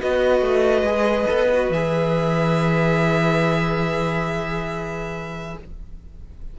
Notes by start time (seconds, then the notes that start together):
0.00 B3 F#4 B4 D#5
0.42 A3
0.83 G#3 G#4
1.28 B3 A4
1.54 F#4
1.70 E3 G#4 E5